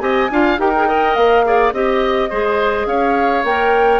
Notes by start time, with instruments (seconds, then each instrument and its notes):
0.00 bassoon C4, clarinet G4, oboe D#5, flute G#5
0.30 bassoon D4, clarinet F4, oboe F5
0.58 bassoon D#4, clarinet G4, oboe A#4, flute G5
0.76 clarinet G#4
0.87 clarinet A#4, oboe D#5
1.15 bassoon A#3, flute F5
1.45 clarinet G#4, oboe D5
1.73 bassoon C4, clarinet G4, flute D#5, oboe D#5
2.30 bassoon G#3, clarinet G#4, oboe C5
2.86 bassoon C#4, oboe C#5, flute F5
3.44 bassoon A#3, clarinet A#4, flute G5